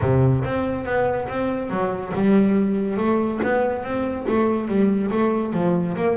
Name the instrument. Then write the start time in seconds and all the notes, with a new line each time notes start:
double bass
0.01 C3
0.44 C4
0.85 B3
1.28 C4
1.69 F#3
2.14 G3
2.97 A3
3.43 B3
3.83 C4
4.28 A3
4.68 G3
5.10 A3
5.53 F3
5.96 A#3